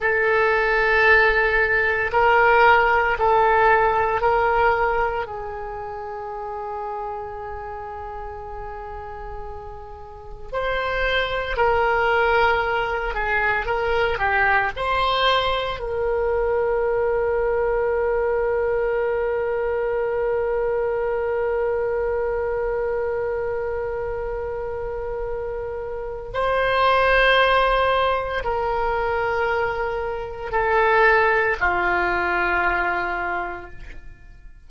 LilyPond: \new Staff \with { instrumentName = "oboe" } { \time 4/4 \tempo 4 = 57 a'2 ais'4 a'4 | ais'4 gis'2.~ | gis'2 c''4 ais'4~ | ais'8 gis'8 ais'8 g'8 c''4 ais'4~ |
ais'1~ | ais'1~ | ais'4 c''2 ais'4~ | ais'4 a'4 f'2 | }